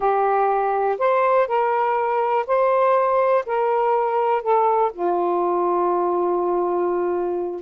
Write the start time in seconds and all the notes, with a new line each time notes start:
0.00 G4
0.98 C5
1.47 A#4
2.46 C5
3.46 A#4
4.42 A4
4.92 F4